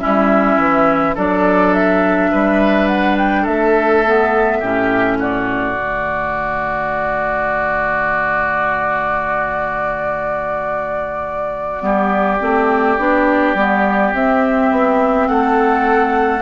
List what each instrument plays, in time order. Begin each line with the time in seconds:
0.00 bassoon G3, clarinet C#4, oboe E4, flute E5
0.58 bassoon E3
1.15 bassoon F#3, clarinet D4, oboe A4, flute D5
1.74 flute E5
2.32 bassoon G3, oboe B4
2.88 flute F#5
3.18 flute G5
3.43 bassoon A3, oboe A4, flute E5
4.06 clarinet B3
4.60 bassoon A2, clarinet C#4, oboe G4
5.19 oboe F#4, flute D5
5.76 bassoon D3, clarinet A3
11.80 bassoon G3, clarinet B3, oboe G4
12.40 bassoon A3, clarinet C4
12.99 bassoon B3, clarinet D4
13.55 bassoon G3, clarinet B3
14.14 bassoon C4, clarinet C4, flute E5
14.72 bassoon B3
15.28 bassoon A3, oboe A4, flute F#5